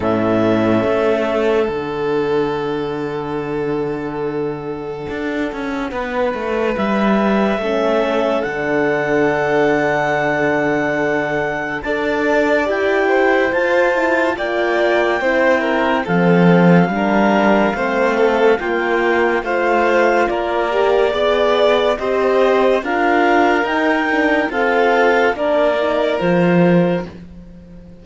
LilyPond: <<
  \new Staff \with { instrumentName = "clarinet" } { \time 4/4 \tempo 4 = 71 e''2 fis''2~ | fis''1 | e''2 fis''2~ | fis''2 a''4 g''4 |
a''4 g''2 f''4~ | f''2 g''4 f''4 | d''2 dis''4 f''4 | g''4 f''4 d''4 c''4 | }
  \new Staff \with { instrumentName = "violin" } { \time 4/4 a'1~ | a'2. b'4~ | b'4 a'2.~ | a'2 d''4. c''8~ |
c''4 d''4 c''8 ais'8 a'4 | ais'4 c''8 a'8 f'4 c''4 | ais'4 d''4 c''4 ais'4~ | ais'4 a'4 ais'2 | }
  \new Staff \with { instrumentName = "horn" } { \time 4/4 cis'2 d'2~ | d'1~ | d'4 cis'4 d'2~ | d'2 a'4 g'4 |
f'8 e'8 f'4 e'4 c'4 | d'4 c'4 ais4 f'4~ | f'8 g'8 gis'4 g'4 f'4 | dis'8 d'8 c'4 d'8 dis'8 f'4 | }
  \new Staff \with { instrumentName = "cello" } { \time 4/4 a,4 a4 d2~ | d2 d'8 cis'8 b8 a8 | g4 a4 d2~ | d2 d'4 e'4 |
f'4 ais4 c'4 f4 | g4 a4 ais4 a4 | ais4 b4 c'4 d'4 | dis'4 f'4 ais4 f4 | }
>>